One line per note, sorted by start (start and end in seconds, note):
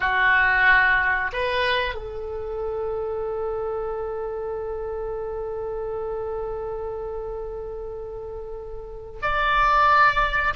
0.00 1.31 F#4
1.32 1.94 B4
1.94 9.19 A4
9.22 10.53 D5